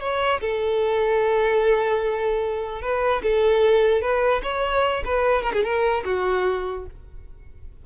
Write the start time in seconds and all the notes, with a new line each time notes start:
0.00 C#5
0.41 A4
2.82 B4
3.23 A4
4.01 B4
4.43 C#5
5.05 B4
5.42 A#4
5.53 G#4
5.63 A#4
6.05 F#4